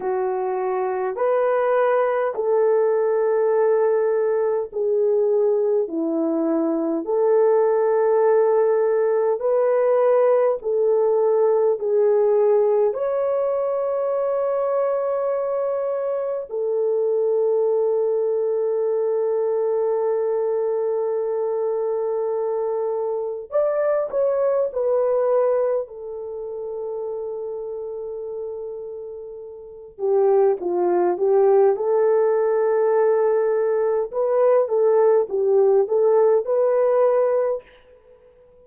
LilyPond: \new Staff \with { instrumentName = "horn" } { \time 4/4 \tempo 4 = 51 fis'4 b'4 a'2 | gis'4 e'4 a'2 | b'4 a'4 gis'4 cis''4~ | cis''2 a'2~ |
a'1 | d''8 cis''8 b'4 a'2~ | a'4. g'8 f'8 g'8 a'4~ | a'4 b'8 a'8 g'8 a'8 b'4 | }